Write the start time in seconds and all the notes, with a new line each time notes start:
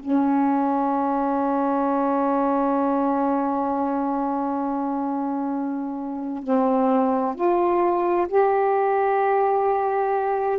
0.00 C#4
6.43 C4
7.36 F4
8.28 G4